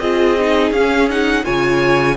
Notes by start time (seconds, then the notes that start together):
0.00 C4 F4 G#4 D#5
0.40 D#4
0.71 C#4 F5
1.10 D#4 F#5
1.44 C#3 F4 C#5 G#5